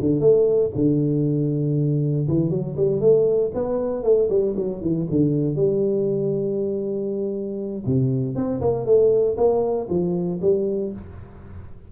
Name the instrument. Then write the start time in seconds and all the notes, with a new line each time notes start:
tuba
0.00 D3
0.20 A3
0.75 D3
2.27 E3
2.49 F#3
2.76 G3
3.00 A3
3.54 B3
4.03 A3
4.29 G3
4.56 F#3
4.81 E3
5.10 D3
5.55 G3
7.86 C3
8.35 C4
8.61 A#3
8.85 A3
9.37 A#3
9.89 F3
10.41 G3